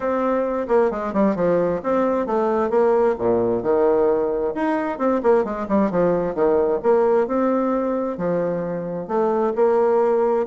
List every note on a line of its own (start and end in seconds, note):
0.00 0.67 C4
0.68 0.90 A#3
0.90 1.13 G#3
1.13 1.35 G3
1.35 1.81 F3
1.83 2.26 C4
2.26 2.69 A3
2.69 3.15 A#3
3.18 3.63 A#2
3.63 4.54 D#3
4.54 4.98 D#4
4.98 5.21 C4
5.23 5.44 A#3
5.44 5.67 G#3
5.68 5.90 G3
5.90 6.34 F3
6.34 6.80 D#3
6.82 7.27 A#3
7.27 8.17 C4
8.17 9.07 F3
9.07 9.53 A3
9.55 10.46 A#3